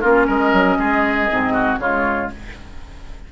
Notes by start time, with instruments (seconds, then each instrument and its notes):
0.00 bassoon A#3, clarinet C#4, oboe F4, flute A#4
0.27 bassoon G#3, oboe A#4, flute D#5
0.52 bassoon F#3
0.78 bassoon G#3, oboe G#4
1.29 bassoon G#2, clarinet C4
1.53 oboe F#4
1.78 bassoon C#3, clarinet G#3, oboe F4, flute C#5